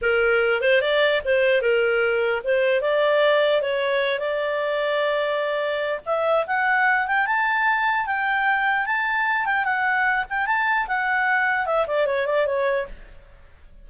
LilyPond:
\new Staff \with { instrumentName = "clarinet" } { \time 4/4 \tempo 4 = 149 ais'4. c''8 d''4 c''4 | ais'2 c''4 d''4~ | d''4 cis''4. d''4.~ | d''2. e''4 |
fis''4. g''8 a''2 | g''2 a''4. g''8 | fis''4. g''8 a''4 fis''4~ | fis''4 e''8 d''8 cis''8 d''8 cis''4 | }